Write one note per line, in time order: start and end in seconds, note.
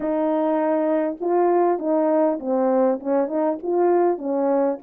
0.00 1.16 D#4
1.20 1.78 F4
1.78 2.38 D#4
2.39 2.99 C4
2.99 3.27 C#4
3.27 3.57 D#4
3.62 4.18 F4
4.18 4.78 C#4